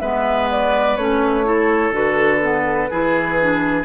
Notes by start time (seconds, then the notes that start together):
0.00 G#3 B3 B4 E5
0.51 D5
0.97 A3 C#4 C#5
1.45 E4 A4
1.92 D3 F#4 B4
2.42 B3
2.90 E3 E4 G#4
3.40 D4